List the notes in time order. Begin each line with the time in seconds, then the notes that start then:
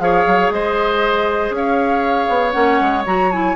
0.00 F3 G#4 C#5 F5
0.27 F#3
0.50 G#3 C5 D#5
1.51 C#4 F5
1.57 C#5
2.29 B3
2.52 A#3 C#4 F#5
2.81 G#3
3.06 F#3 F#4 A#5
3.32 E4 G#5